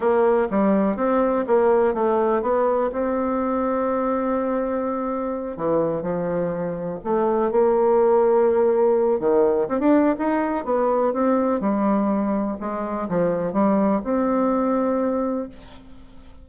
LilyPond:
\new Staff \with { instrumentName = "bassoon" } { \time 4/4 \tempo 4 = 124 ais4 g4 c'4 ais4 | a4 b4 c'2~ | c'2.~ c'8 e8~ | e8 f2 a4 ais8~ |
ais2. dis4 | c'16 d'8. dis'4 b4 c'4 | g2 gis4 f4 | g4 c'2. | }